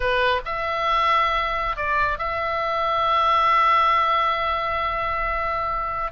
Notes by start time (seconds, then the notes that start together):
0.00 B4
0.45 E5
1.76 D5
2.18 E5